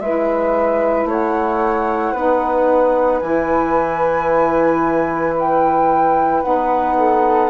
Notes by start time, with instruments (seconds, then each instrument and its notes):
0.00 bassoon G#3, saxophone E4, flute B4 E5
1.05 bassoon A3, flute C#5 F#5
2.13 bassoon B3, saxophone D#4, flute B4
3.20 bassoon E3, saxophone E4, flute G#5
5.39 flute G5
6.43 bassoon B3, saxophone D#4, flute F#5
6.97 flute A4